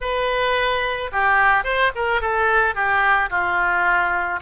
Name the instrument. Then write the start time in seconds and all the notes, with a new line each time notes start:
oboe
0.01 B4
1.12 G4
1.64 C5
1.95 A#4
2.21 A4
2.74 G4
3.30 F4